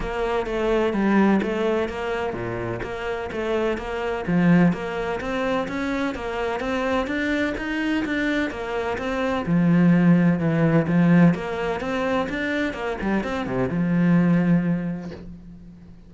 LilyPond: \new Staff \with { instrumentName = "cello" } { \time 4/4 \tempo 4 = 127 ais4 a4 g4 a4 | ais4 ais,4 ais4 a4 | ais4 f4 ais4 c'4 | cis'4 ais4 c'4 d'4 |
dis'4 d'4 ais4 c'4 | f2 e4 f4 | ais4 c'4 d'4 ais8 g8 | c'8 c8 f2. | }